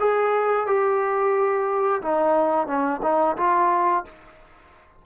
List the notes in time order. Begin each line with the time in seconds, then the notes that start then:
0.00 G#4
0.67 G4
2.02 D#4
2.67 C#4
3.03 D#4
3.37 F4